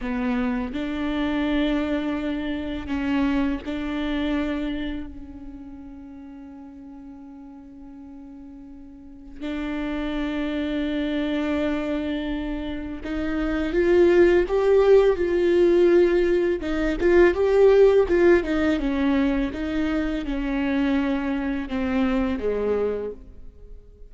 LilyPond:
\new Staff \with { instrumentName = "viola" } { \time 4/4 \tempo 4 = 83 b4 d'2. | cis'4 d'2 cis'4~ | cis'1~ | cis'4 d'2.~ |
d'2 dis'4 f'4 | g'4 f'2 dis'8 f'8 | g'4 f'8 dis'8 cis'4 dis'4 | cis'2 c'4 gis4 | }